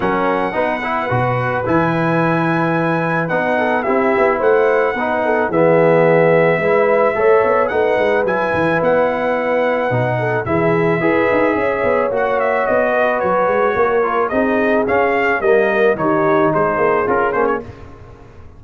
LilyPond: <<
  \new Staff \with { instrumentName = "trumpet" } { \time 4/4 \tempo 4 = 109 fis''2. gis''4~ | gis''2 fis''4 e''4 | fis''2 e''2~ | e''2 fis''4 gis''4 |
fis''2. e''4~ | e''2 fis''8 e''8 dis''4 | cis''2 dis''4 f''4 | dis''4 cis''4 c''4 ais'8 c''16 cis''16 | }
  \new Staff \with { instrumentName = "horn" } { \time 4/4 ais'4 b'2.~ | b'2~ b'8 a'8 g'4 | c''4 b'8 a'8 gis'2 | b'4 cis''4 b'2~ |
b'2~ b'8 a'8 gis'4 | b'4 cis''2~ cis''8 b'8~ | b'4 ais'4 gis'2 | ais'4 g'4 gis'2 | }
  \new Staff \with { instrumentName = "trombone" } { \time 4/4 cis'4 dis'8 e'8 fis'4 e'4~ | e'2 dis'4 e'4~ | e'4 dis'4 b2 | e'4 a'4 dis'4 e'4~ |
e'2 dis'4 e'4 | gis'2 fis'2~ | fis'4. f'8 dis'4 cis'4 | ais4 dis'2 f'8 cis'8 | }
  \new Staff \with { instrumentName = "tuba" } { \time 4/4 fis4 b4 b,4 e4~ | e2 b4 c'8 b8 | a4 b4 e2 | gis4 a8 b8 a8 gis8 fis8 e8 |
b2 b,4 e4 | e'8 dis'8 cis'8 b8 ais4 b4 | fis8 gis8 ais4 c'4 cis'4 | g4 dis4 gis8 ais8 cis'8 ais8 | }
>>